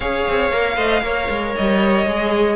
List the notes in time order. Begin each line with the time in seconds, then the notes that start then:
0.00 C#4 G#4 C#5 F5
0.28 C4
0.51 A#3 A#4
0.76 A3 C5 D#5
1.01 A#3 A#4 C#5
1.29 G#3
1.55 G3 D#5
2.06 G#3 G#4